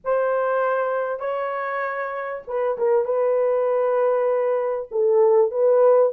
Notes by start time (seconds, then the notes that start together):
0.04 C5
1.19 C#5
2.47 B4
2.77 A#4
3.04 B4
4.91 A4
5.51 B4